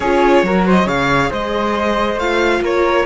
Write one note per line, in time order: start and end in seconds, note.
0.00 0.42 C#4
0.00 0.46 F4
0.00 0.43 G#4
0.00 0.65 C#5
0.43 0.85 F#3
0.43 0.84 F#4
0.43 0.66 A#4
0.66 0.85 C5
0.66 0.88 D#5
0.84 1.29 C#3
0.84 2.16 G#4
0.84 1.29 C#5
0.84 1.32 F5
1.29 2.15 G#3
1.29 2.61 C5
1.29 2.19 D#5
2.15 2.59 A3
2.15 3.05 F4
2.15 2.62 F5
2.61 3.05 A#3
2.61 3.05 A#4
2.61 3.05 C#5